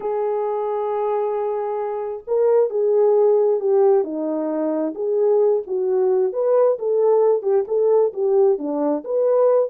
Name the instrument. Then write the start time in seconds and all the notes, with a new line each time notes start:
horn
0.00 G#4
2.27 A#4
2.69 G#4
3.60 G4
4.04 D#4
4.95 G#4
5.66 F#4
6.33 B4
6.78 A4
7.42 G4
7.67 A4
8.13 G4
8.58 D4
9.04 B4